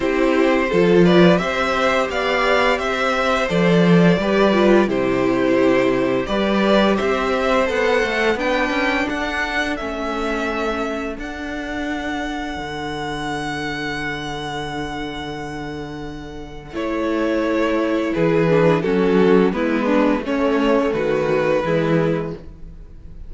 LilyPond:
<<
  \new Staff \with { instrumentName = "violin" } { \time 4/4 \tempo 4 = 86 c''4. d''8 e''4 f''4 | e''4 d''2 c''4~ | c''4 d''4 e''4 fis''4 | g''4 fis''4 e''2 |
fis''1~ | fis''1 | cis''2 b'4 a'4 | b'4 cis''4 b'2 | }
  \new Staff \with { instrumentName = "violin" } { \time 4/4 g'4 a'8 b'8 c''4 d''4 | c''2 b'4 g'4~ | g'4 b'4 c''2 | b'4 a'2.~ |
a'1~ | a'1~ | a'2 gis'4 fis'4 | e'8 d'8 cis'4 fis'4 e'4 | }
  \new Staff \with { instrumentName = "viola" } { \time 4/4 e'4 f'4 g'2~ | g'4 a'4 g'8 f'8 e'4~ | e'4 g'2 a'4 | d'2 cis'2 |
d'1~ | d'1 | e'2~ e'8 d'8 cis'4 | b4 a2 gis4 | }
  \new Staff \with { instrumentName = "cello" } { \time 4/4 c'4 f4 c'4 b4 | c'4 f4 g4 c4~ | c4 g4 c'4 b8 a8 | b8 cis'8 d'4 a2 |
d'2 d2~ | d1 | a2 e4 fis4 | gis4 a4 dis4 e4 | }
>>